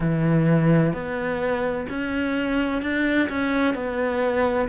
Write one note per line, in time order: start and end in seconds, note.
0.00 0.93 E3
0.93 1.87 B3
1.89 2.81 C#4
2.81 3.28 D4
3.29 3.74 C#4
3.74 4.68 B3